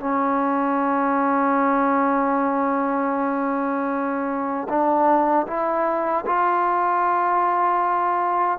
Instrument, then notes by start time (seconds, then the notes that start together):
trombone
0.00 C#4
4.69 D4
5.47 E4
6.26 F4